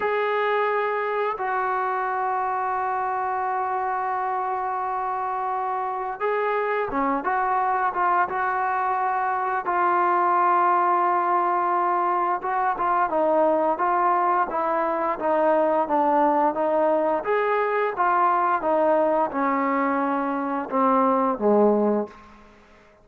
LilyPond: \new Staff \with { instrumentName = "trombone" } { \time 4/4 \tempo 4 = 87 gis'2 fis'2~ | fis'1~ | fis'4 gis'4 cis'8 fis'4 f'8 | fis'2 f'2~ |
f'2 fis'8 f'8 dis'4 | f'4 e'4 dis'4 d'4 | dis'4 gis'4 f'4 dis'4 | cis'2 c'4 gis4 | }